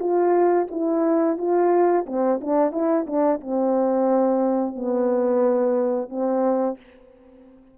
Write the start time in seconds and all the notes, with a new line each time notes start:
0.00 F4
0.71 E4
1.38 F4
2.07 C4
2.41 D4
2.72 E4
3.07 D4
3.41 C4
4.76 B3
6.10 C4